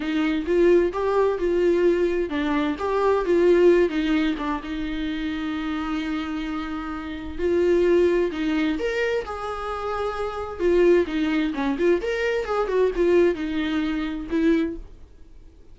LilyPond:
\new Staff \with { instrumentName = "viola" } { \time 4/4 \tempo 4 = 130 dis'4 f'4 g'4 f'4~ | f'4 d'4 g'4 f'4~ | f'8 dis'4 d'8 dis'2~ | dis'1 |
f'2 dis'4 ais'4 | gis'2. f'4 | dis'4 cis'8 f'8 ais'4 gis'8 fis'8 | f'4 dis'2 e'4 | }